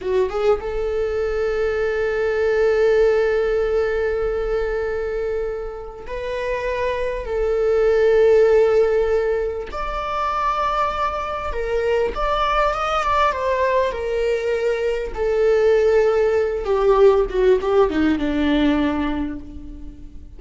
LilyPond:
\new Staff \with { instrumentName = "viola" } { \time 4/4 \tempo 4 = 99 fis'8 gis'8 a'2.~ | a'1~ | a'2 b'2 | a'1 |
d''2. ais'4 | d''4 dis''8 d''8 c''4 ais'4~ | ais'4 a'2~ a'8 g'8~ | g'8 fis'8 g'8 dis'8 d'2 | }